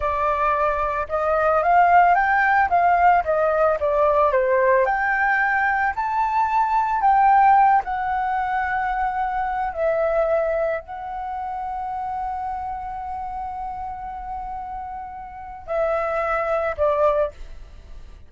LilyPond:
\new Staff \with { instrumentName = "flute" } { \time 4/4 \tempo 4 = 111 d''2 dis''4 f''4 | g''4 f''4 dis''4 d''4 | c''4 g''2 a''4~ | a''4 g''4. fis''4.~ |
fis''2 e''2 | fis''1~ | fis''1~ | fis''4 e''2 d''4 | }